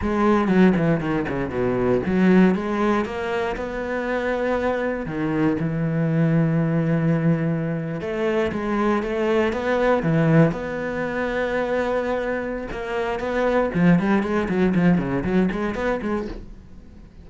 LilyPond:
\new Staff \with { instrumentName = "cello" } { \time 4/4 \tempo 4 = 118 gis4 fis8 e8 dis8 cis8 b,4 | fis4 gis4 ais4 b4~ | b2 dis4 e4~ | e2.~ e8. a16~ |
a8. gis4 a4 b4 e16~ | e8. b2.~ b16~ | b4 ais4 b4 f8 g8 | gis8 fis8 f8 cis8 fis8 gis8 b8 gis8 | }